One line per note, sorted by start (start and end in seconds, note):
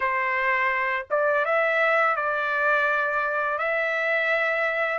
0.00 1.06 C5
1.10 1.45 D5
1.45 2.16 E5
2.16 3.58 D5
3.58 4.98 E5